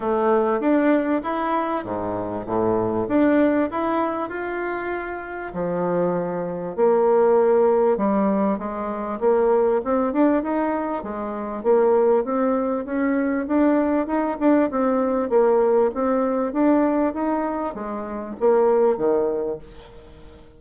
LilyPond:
\new Staff \with { instrumentName = "bassoon" } { \time 4/4 \tempo 4 = 98 a4 d'4 e'4 gis,4 | a,4 d'4 e'4 f'4~ | f'4 f2 ais4~ | ais4 g4 gis4 ais4 |
c'8 d'8 dis'4 gis4 ais4 | c'4 cis'4 d'4 dis'8 d'8 | c'4 ais4 c'4 d'4 | dis'4 gis4 ais4 dis4 | }